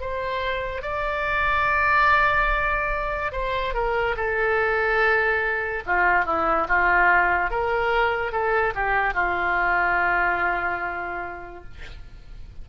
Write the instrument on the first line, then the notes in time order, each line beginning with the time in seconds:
oboe
0.00 C5
0.82 D5
3.32 C5
3.73 A#4
4.16 A4
5.86 F4
6.25 E4
6.68 F4
7.50 A#4
8.31 A4
8.75 G4
9.14 F4